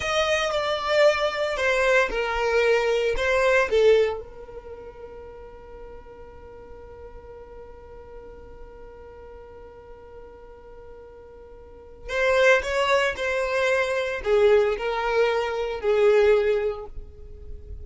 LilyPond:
\new Staff \with { instrumentName = "violin" } { \time 4/4 \tempo 4 = 114 dis''4 d''2 c''4 | ais'2 c''4 a'4 | ais'1~ | ais'1~ |
ais'1~ | ais'2. c''4 | cis''4 c''2 gis'4 | ais'2 gis'2 | }